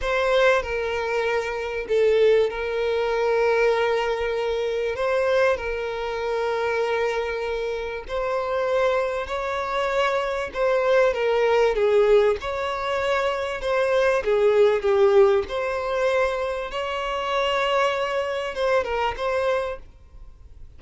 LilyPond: \new Staff \with { instrumentName = "violin" } { \time 4/4 \tempo 4 = 97 c''4 ais'2 a'4 | ais'1 | c''4 ais'2.~ | ais'4 c''2 cis''4~ |
cis''4 c''4 ais'4 gis'4 | cis''2 c''4 gis'4 | g'4 c''2 cis''4~ | cis''2 c''8 ais'8 c''4 | }